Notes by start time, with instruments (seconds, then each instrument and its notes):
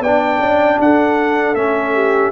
0.00 tuba B3, trombone D4, horn D5, trumpet G5
0.39 tuba C#4
0.79 tuba D4, horn A4, trumpet F#5
1.54 tuba A3, trombone C#4, trumpet E5
1.94 horn G4